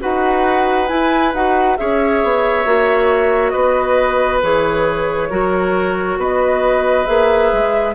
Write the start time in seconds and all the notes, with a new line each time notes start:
0.00 D#4 F#4 B4 F#5
0.87 E4 G#5
1.33 D#4 F#4 F#5
1.77 C#4 G#4 C#5 E5
2.24 B3
2.65 A#3 F#4
3.50 B3 B4 D#5
4.42 E3 G#4 C#5
5.30 F#3 F#4 A#4
6.18 B3 B4 D#5
7.06 A#3 G#4 E5
7.53 G#3